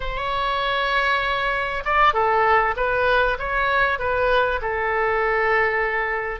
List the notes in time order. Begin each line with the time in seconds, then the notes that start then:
0.00 C#5
1.85 D5
2.13 A4
2.76 B4
3.38 C#5
3.99 B4
4.61 A4